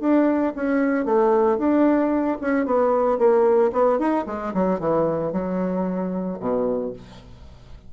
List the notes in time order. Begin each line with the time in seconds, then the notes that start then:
0.00 D4
0.56 C#4
1.05 A3
1.58 D4
2.41 C#4
2.65 B3
3.18 A#3
3.72 B3
3.99 D#4
4.26 G#3
4.54 F#3
4.80 E3
5.32 F#3
6.40 B2